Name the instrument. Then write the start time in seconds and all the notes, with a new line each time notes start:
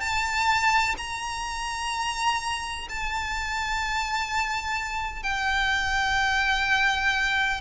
violin
0.00 A5
0.97 A#5
2.89 A5
5.23 G5